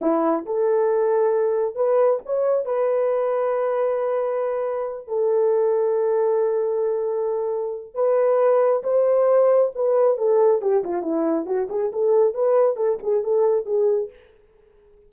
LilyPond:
\new Staff \with { instrumentName = "horn" } { \time 4/4 \tempo 4 = 136 e'4 a'2. | b'4 cis''4 b'2~ | b'2.~ b'8 a'8~ | a'1~ |
a'2 b'2 | c''2 b'4 a'4 | g'8 f'8 e'4 fis'8 gis'8 a'4 | b'4 a'8 gis'8 a'4 gis'4 | }